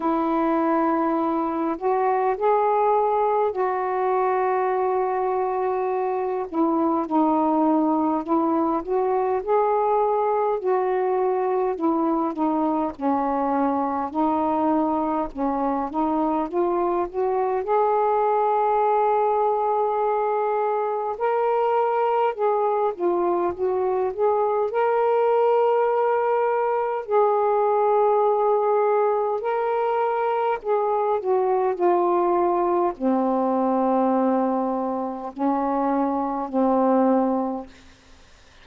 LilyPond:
\new Staff \with { instrumentName = "saxophone" } { \time 4/4 \tempo 4 = 51 e'4. fis'8 gis'4 fis'4~ | fis'4. e'8 dis'4 e'8 fis'8 | gis'4 fis'4 e'8 dis'8 cis'4 | dis'4 cis'8 dis'8 f'8 fis'8 gis'4~ |
gis'2 ais'4 gis'8 f'8 | fis'8 gis'8 ais'2 gis'4~ | gis'4 ais'4 gis'8 fis'8 f'4 | c'2 cis'4 c'4 | }